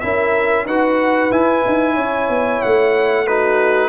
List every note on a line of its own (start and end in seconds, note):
0.00 0.65 C#4
0.00 0.68 E4
0.00 0.65 A#4
0.00 0.65 E5
0.65 1.30 D#4
0.65 1.31 F#4
0.65 1.94 B4
0.65 1.32 F#5
1.31 1.63 E4
1.31 3.27 E4
1.31 2.62 G#5
1.67 1.98 D#4
1.94 2.29 C#4
1.94 3.24 C#5
2.29 2.61 B3
2.62 3.89 A3
2.62 3.27 F#5
3.27 3.89 D#4
3.27 3.89 F#4
3.27 3.89 B4